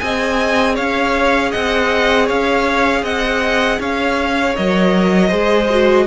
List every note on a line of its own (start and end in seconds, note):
0.00 0.78 C4
0.00 4.56 G#4
0.00 0.75 D#5
0.00 0.76 G#5
0.75 1.54 C#4
0.75 1.51 C#5
0.75 1.52 F5
1.51 2.31 C4
1.51 2.26 D#5
1.51 2.28 F#5
2.26 3.03 C#4
2.26 3.02 C#5
2.26 3.05 F5
3.03 3.79 C4
3.03 3.79 D#5
3.03 3.81 F#5
3.80 4.56 C#4
3.80 5.28 C#5
3.80 4.56 F5
4.56 5.32 F#3
4.56 5.31 A#4
4.56 6.07 D#5
5.28 6.07 G#3
5.28 5.69 G#4
5.28 6.04 C5
5.70 6.07 F#4